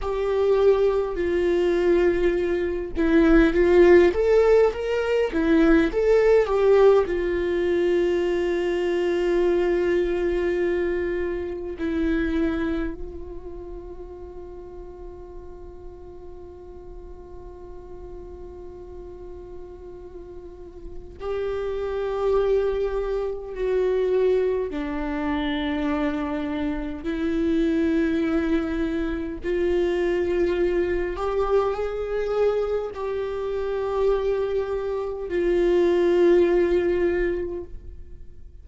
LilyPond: \new Staff \with { instrumentName = "viola" } { \time 4/4 \tempo 4 = 51 g'4 f'4. e'8 f'8 a'8 | ais'8 e'8 a'8 g'8 f'2~ | f'2 e'4 f'4~ | f'1~ |
f'2 g'2 | fis'4 d'2 e'4~ | e'4 f'4. g'8 gis'4 | g'2 f'2 | }